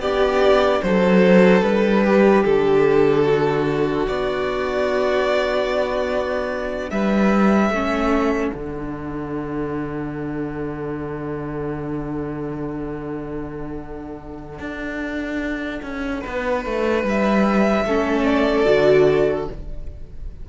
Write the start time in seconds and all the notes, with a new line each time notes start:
0.00 B3 D4 G4 D5
0.83 F#3 A4 C5
1.62 G3 B4
2.04 G4
2.45 D3 A4
3.25 F#4
4.08 B3 D5
6.91 G3 B4 E5
7.70 A3 C#4 A4
8.53 D3 D4 F#5
14.60 D4
15.83 C#4
16.22 B3 B4
16.66 A3
17.04 G3 E5
17.86 A3 C#4 A4
18.25 D5
18.66 D3 F#4